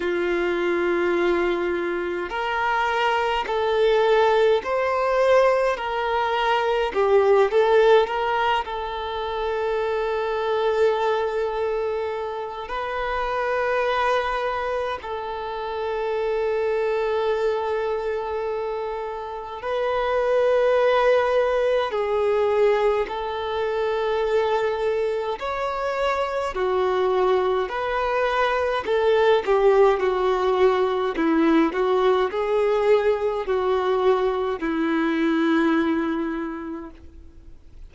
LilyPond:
\new Staff \with { instrumentName = "violin" } { \time 4/4 \tempo 4 = 52 f'2 ais'4 a'4 | c''4 ais'4 g'8 a'8 ais'8 a'8~ | a'2. b'4~ | b'4 a'2.~ |
a'4 b'2 gis'4 | a'2 cis''4 fis'4 | b'4 a'8 g'8 fis'4 e'8 fis'8 | gis'4 fis'4 e'2 | }